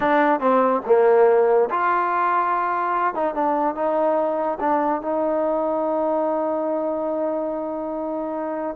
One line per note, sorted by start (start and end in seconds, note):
0.00 0.40 D4
0.40 0.81 C4
0.86 1.69 A#3
1.70 3.14 F4
3.14 3.34 D#4
3.34 3.75 D4
3.75 4.58 D#4
4.59 5.01 D4
5.01 8.76 D#4